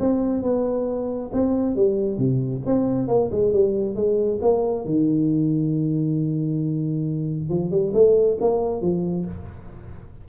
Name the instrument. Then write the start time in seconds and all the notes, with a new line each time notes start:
tuba
0.00 C4
0.43 B3
1.33 C4
1.76 G3
2.18 C3
2.66 C4
3.08 A#3
3.31 G#3
3.53 G3
3.96 G#3
4.42 A#3
4.85 D#3
7.50 F3
7.71 G3
7.94 A3
8.41 A#3
8.82 F3